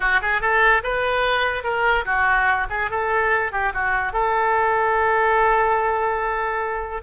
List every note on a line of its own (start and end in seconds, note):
0.00 0.20 F#4
0.21 0.41 G#4
0.41 0.82 A4
0.83 1.63 B4
1.63 2.04 A#4
2.05 2.67 F#4
2.69 2.90 G#4
2.90 3.52 A4
3.52 3.72 G4
3.73 4.13 F#4
4.13 7.02 A4